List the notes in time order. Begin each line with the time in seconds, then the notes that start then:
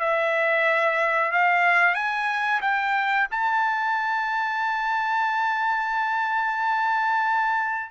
0.00 E5
1.32 F5
1.95 G#5
2.62 G5
3.31 A5